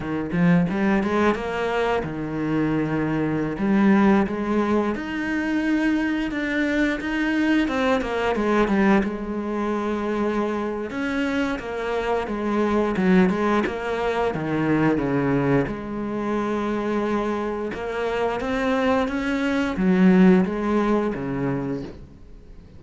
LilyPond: \new Staff \with { instrumentName = "cello" } { \time 4/4 \tempo 4 = 88 dis8 f8 g8 gis8 ais4 dis4~ | dis4~ dis16 g4 gis4 dis'8.~ | dis'4~ dis'16 d'4 dis'4 c'8 ais16~ | ais16 gis8 g8 gis2~ gis8. |
cis'4 ais4 gis4 fis8 gis8 | ais4 dis4 cis4 gis4~ | gis2 ais4 c'4 | cis'4 fis4 gis4 cis4 | }